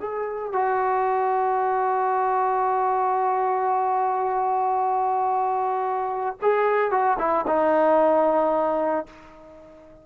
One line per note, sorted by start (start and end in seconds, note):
0.00 0.53 G#4
0.53 6.37 F#4
6.42 6.91 G#4
6.91 7.17 F#4
7.19 7.45 E4
7.47 9.06 D#4